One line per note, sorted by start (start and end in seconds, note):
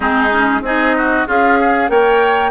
0.00 0.61 G#3
0.00 0.29 C4
0.00 0.60 D#4
0.00 0.63 G#4
0.31 0.62 C#4
0.61 1.24 C4
0.61 1.26 D#4
0.61 0.96 G#4
0.61 1.28 D#5
0.97 1.27 F#4
1.26 1.89 C#4
1.26 1.58 F4
1.26 1.88 G#4
1.26 1.89 F5
1.60 1.90 G#4
1.88 2.51 A#3
1.88 2.51 A#4
1.88 2.51 C#5
1.88 2.51 G5